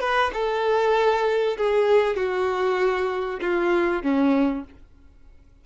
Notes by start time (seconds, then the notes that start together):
0.00 B4
0.33 A4
1.57 G#4
2.16 F#4
3.41 F4
4.03 C#4